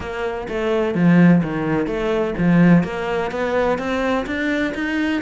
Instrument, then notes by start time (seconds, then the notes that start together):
cello
0.00 A#3
0.48 A3
0.94 F3
1.43 D#3
1.86 A3
2.38 F3
2.83 A#3
3.31 B3
3.78 C4
4.26 D4
4.74 D#4